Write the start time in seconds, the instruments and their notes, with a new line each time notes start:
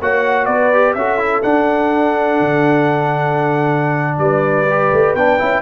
0.00 tuba A#3, trombone F#4, horn C#5, trumpet F#5
0.45 tuba B3, horn B4, trumpet D5
0.72 trombone G4
0.94 tuba C#4, trombone F#4, horn A4, trumpet E5
1.18 trombone E4
1.42 trombone D4, tuba D4, trumpet F#5
2.40 tuba D3
4.18 tuba G3, horn B4, trumpet D5
4.70 trombone G4
4.92 tuba A3
5.14 tuba B3, trombone D4, trumpet G5
5.38 tuba C#4, trombone E4